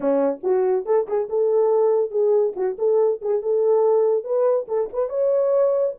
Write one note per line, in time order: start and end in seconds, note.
0.00 0.40 C#4
0.43 0.85 F#4
0.85 1.07 A4
1.07 1.29 G#4
1.29 2.10 A4
2.10 2.53 G#4
2.56 2.77 F#4
2.78 3.21 A4
3.21 3.42 G#4
3.42 4.23 A4
4.23 4.66 B4
4.68 4.89 A4
4.92 5.09 B4
5.09 5.94 C#5